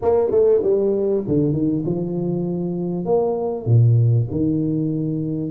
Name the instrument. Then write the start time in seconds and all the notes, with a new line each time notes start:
tuba
0.02 A#3
0.31 A3
0.63 G3
1.27 D3
1.53 D#3
1.85 F3
3.05 A#3
3.65 A#2
4.31 D#3